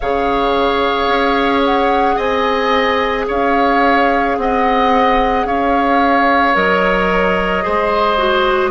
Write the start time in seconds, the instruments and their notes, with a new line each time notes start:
0.00 bassoon C#3, clarinet G#4, oboe C#5, flute F5
1.07 bassoon C#4
1.64 flute F#5
2.15 bassoon C4, oboe D#5, flute G#5
3.27 bassoon C#4, oboe C#5, flute F5
4.37 bassoon C4, oboe D#5, flute F#5
5.44 bassoon C#4, oboe C#5, flute F5
6.54 bassoon F#3, clarinet A#4, flute D#5
7.62 bassoon G#3, clarinet G#4, oboe C5
8.17 clarinet F#4